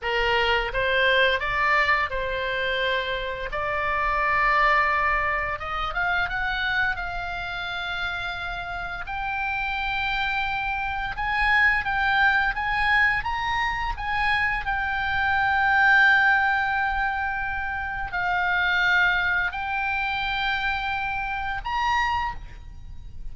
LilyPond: \new Staff \with { instrumentName = "oboe" } { \time 4/4 \tempo 4 = 86 ais'4 c''4 d''4 c''4~ | c''4 d''2. | dis''8 f''8 fis''4 f''2~ | f''4 g''2. |
gis''4 g''4 gis''4 ais''4 | gis''4 g''2.~ | g''2 f''2 | g''2. ais''4 | }